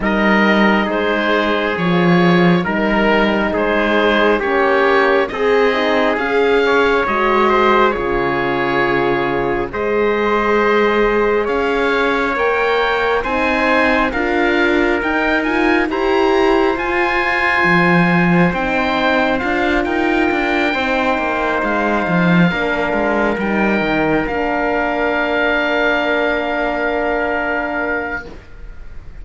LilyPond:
<<
  \new Staff \with { instrumentName = "oboe" } { \time 4/4 \tempo 4 = 68 dis''4 c''4 cis''4 ais'4 | c''4 cis''4 dis''4 f''4 | dis''4 cis''2 dis''4~ | dis''4 f''4 g''4 gis''4 |
f''4 g''8 gis''8 ais''4 gis''4~ | gis''4 g''4 f''8 g''4.~ | g''8 f''2 g''4 f''8~ | f''1 | }
  \new Staff \with { instrumentName = "trumpet" } { \time 4/4 ais'4 gis'2 ais'4 | gis'4 g'4 gis'4. cis''8~ | cis''8 c''8 gis'2 c''4~ | c''4 cis''2 c''4 |
ais'2 c''2~ | c''2~ c''8 ais'4 c''8~ | c''4. ais'2~ ais'8~ | ais'1 | }
  \new Staff \with { instrumentName = "horn" } { \time 4/4 dis'2 f'4 dis'4~ | dis'4 cis'4 gis'8 dis'8 gis'4 | fis'4 f'2 gis'4~ | gis'2 ais'4 dis'4 |
f'4 dis'8 f'8 g'4 f'4~ | f'4 dis'4 f'4. dis'8~ | dis'4. d'4 dis'4 d'8~ | d'1 | }
  \new Staff \with { instrumentName = "cello" } { \time 4/4 g4 gis4 f4 g4 | gis4 ais4 c'4 cis'4 | gis4 cis2 gis4~ | gis4 cis'4 ais4 c'4 |
d'4 dis'4 e'4 f'4 | f4 c'4 d'8 dis'8 d'8 c'8 | ais8 gis8 f8 ais8 gis8 g8 dis8 ais8~ | ais1 | }
>>